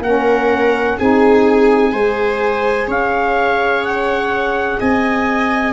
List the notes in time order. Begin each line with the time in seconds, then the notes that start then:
0.00 A#3 C#4 A#4 F#5
0.98 C4 D#4 G#4 G#5
1.92 G#3 G#4 C5
2.88 C#4 C#5 F5
3.85 F#5
4.80 C4 D#5 G#5